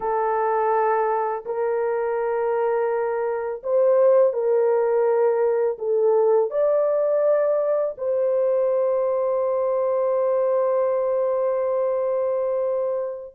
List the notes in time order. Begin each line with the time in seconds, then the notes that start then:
0.00 A4
1.45 A#4
3.63 C5
4.33 A#4
5.78 A4
6.50 D5
7.97 C5